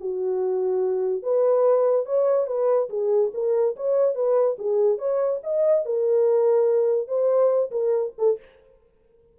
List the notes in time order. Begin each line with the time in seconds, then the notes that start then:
0.00 F#4
1.22 B4
2.06 C#5
2.47 B4
2.89 G#4
3.34 A#4
3.76 C#5
4.15 B4
4.58 G#4
4.98 C#5
5.43 D#5
5.85 A#4
7.07 C5
7.71 A#4
8.18 A4